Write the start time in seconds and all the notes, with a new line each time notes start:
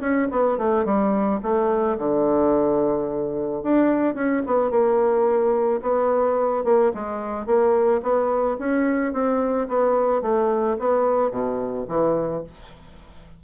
0.00 C#4
0.31 B3
0.58 A3
0.85 G3
1.42 A3
1.98 D3
3.63 D4
4.14 C#4
4.46 B3
4.70 A#3
5.81 B3
6.64 A#3
6.94 G#3
7.46 A#3
8.02 B3
8.58 C#4
9.13 C4
9.68 B3
10.22 A3
10.79 B3
11.31 B2
11.88 E3